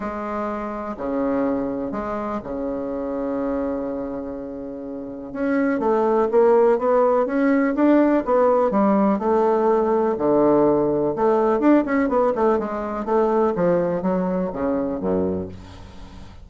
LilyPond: \new Staff \with { instrumentName = "bassoon" } { \time 4/4 \tempo 4 = 124 gis2 cis2 | gis4 cis2.~ | cis2. cis'4 | a4 ais4 b4 cis'4 |
d'4 b4 g4 a4~ | a4 d2 a4 | d'8 cis'8 b8 a8 gis4 a4 | f4 fis4 cis4 fis,4 | }